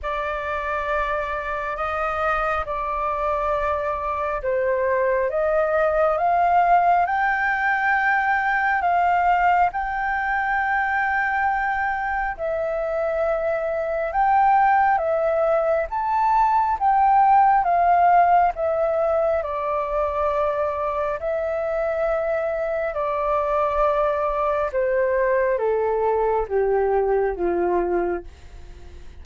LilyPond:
\new Staff \with { instrumentName = "flute" } { \time 4/4 \tempo 4 = 68 d''2 dis''4 d''4~ | d''4 c''4 dis''4 f''4 | g''2 f''4 g''4~ | g''2 e''2 |
g''4 e''4 a''4 g''4 | f''4 e''4 d''2 | e''2 d''2 | c''4 a'4 g'4 f'4 | }